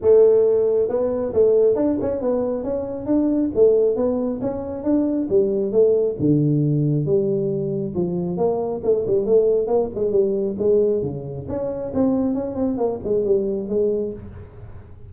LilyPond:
\new Staff \with { instrumentName = "tuba" } { \time 4/4 \tempo 4 = 136 a2 b4 a4 | d'8 cis'8 b4 cis'4 d'4 | a4 b4 cis'4 d'4 | g4 a4 d2 |
g2 f4 ais4 | a8 g8 a4 ais8 gis8 g4 | gis4 cis4 cis'4 c'4 | cis'8 c'8 ais8 gis8 g4 gis4 | }